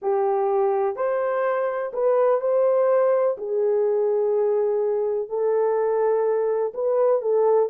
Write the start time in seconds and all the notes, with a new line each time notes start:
0.02 G4
0.96 C5
1.93 B4
2.40 C5
3.37 G#4
5.28 A4
6.73 B4
7.21 A4